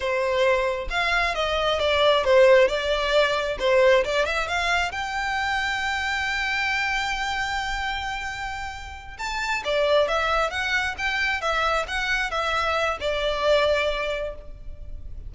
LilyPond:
\new Staff \with { instrumentName = "violin" } { \time 4/4 \tempo 4 = 134 c''2 f''4 dis''4 | d''4 c''4 d''2 | c''4 d''8 e''8 f''4 g''4~ | g''1~ |
g''1~ | g''8 a''4 d''4 e''4 fis''8~ | fis''8 g''4 e''4 fis''4 e''8~ | e''4 d''2. | }